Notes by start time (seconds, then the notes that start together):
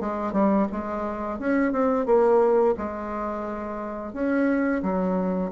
0.00 G#3
0.33 G3
0.72 G#3
1.39 C#4
1.72 C4
2.06 A#3
2.77 G#3
4.13 C#4
4.83 F#3